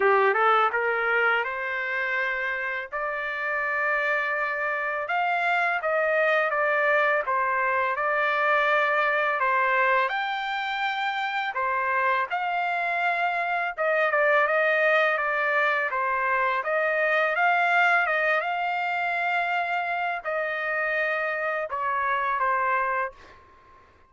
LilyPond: \new Staff \with { instrumentName = "trumpet" } { \time 4/4 \tempo 4 = 83 g'8 a'8 ais'4 c''2 | d''2. f''4 | dis''4 d''4 c''4 d''4~ | d''4 c''4 g''2 |
c''4 f''2 dis''8 d''8 | dis''4 d''4 c''4 dis''4 | f''4 dis''8 f''2~ f''8 | dis''2 cis''4 c''4 | }